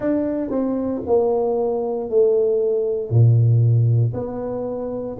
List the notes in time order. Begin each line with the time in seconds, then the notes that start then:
0.00 D4
0.50 C4
1.06 A#3
2.09 A3
3.09 A#2
4.13 B3